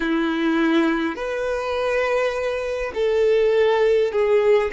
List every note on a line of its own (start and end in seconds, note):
0.00 1.15 E4
1.15 2.91 B4
2.94 4.12 A4
4.12 4.71 G#4